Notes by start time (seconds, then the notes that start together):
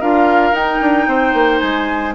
0.00 D4 F4 A#4 F5
0.52 D#4 G5
0.81 D4
1.07 C4 C5
1.33 A#3
1.59 G#3 G#5